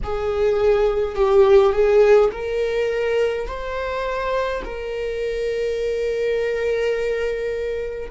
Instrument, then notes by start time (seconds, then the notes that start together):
viola
0.03 G#4
1.15 G4
1.72 G#4
2.31 A#4
3.47 C5
4.64 A#4